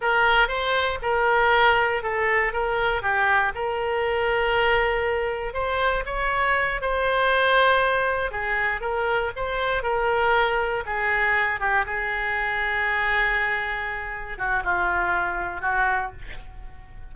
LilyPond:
\new Staff \with { instrumentName = "oboe" } { \time 4/4 \tempo 4 = 119 ais'4 c''4 ais'2 | a'4 ais'4 g'4 ais'4~ | ais'2. c''4 | cis''4. c''2~ c''8~ |
c''8 gis'4 ais'4 c''4 ais'8~ | ais'4. gis'4. g'8 gis'8~ | gis'1~ | gis'8 fis'8 f'2 fis'4 | }